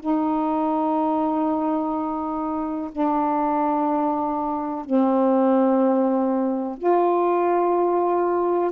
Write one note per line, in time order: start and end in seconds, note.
0.00 2.90 D#4
2.91 4.85 D4
4.85 6.78 C4
6.78 8.71 F4